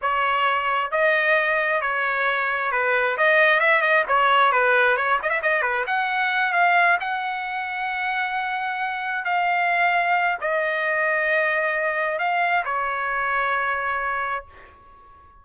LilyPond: \new Staff \with { instrumentName = "trumpet" } { \time 4/4 \tempo 4 = 133 cis''2 dis''2 | cis''2 b'4 dis''4 | e''8 dis''8 cis''4 b'4 cis''8 dis''16 e''16 | dis''8 b'8 fis''4. f''4 fis''8~ |
fis''1~ | fis''8 f''2~ f''8 dis''4~ | dis''2. f''4 | cis''1 | }